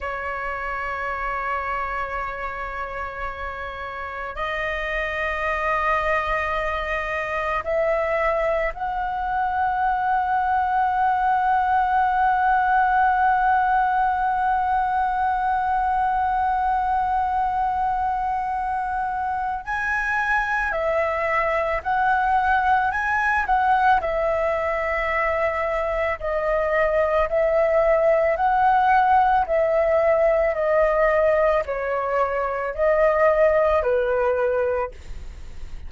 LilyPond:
\new Staff \with { instrumentName = "flute" } { \time 4/4 \tempo 4 = 55 cis''1 | dis''2. e''4 | fis''1~ | fis''1~ |
fis''2 gis''4 e''4 | fis''4 gis''8 fis''8 e''2 | dis''4 e''4 fis''4 e''4 | dis''4 cis''4 dis''4 b'4 | }